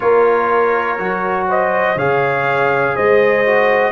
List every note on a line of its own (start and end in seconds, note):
0.00 0.99 A#3
0.00 0.98 F4
0.00 1.48 A#4
0.00 1.47 C#5
0.98 1.95 F#3
0.98 1.97 F#4
1.48 1.96 C5
1.48 1.98 D#5
1.95 2.93 C#3
1.95 3.45 G#4
1.95 2.94 C#5
1.95 2.96 F5
2.95 3.91 G#3
2.95 3.91 C5
2.95 3.91 D#5
3.45 3.91 F#4